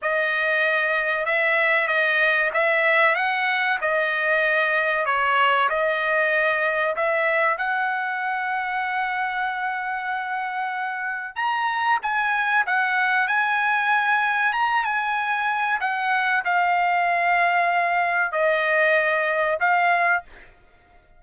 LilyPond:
\new Staff \with { instrumentName = "trumpet" } { \time 4/4 \tempo 4 = 95 dis''2 e''4 dis''4 | e''4 fis''4 dis''2 | cis''4 dis''2 e''4 | fis''1~ |
fis''2 ais''4 gis''4 | fis''4 gis''2 ais''8 gis''8~ | gis''4 fis''4 f''2~ | f''4 dis''2 f''4 | }